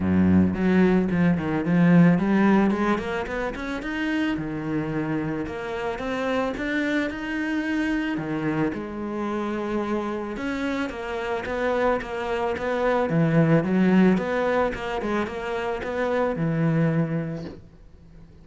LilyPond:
\new Staff \with { instrumentName = "cello" } { \time 4/4 \tempo 4 = 110 fis,4 fis4 f8 dis8 f4 | g4 gis8 ais8 b8 cis'8 dis'4 | dis2 ais4 c'4 | d'4 dis'2 dis4 |
gis2. cis'4 | ais4 b4 ais4 b4 | e4 fis4 b4 ais8 gis8 | ais4 b4 e2 | }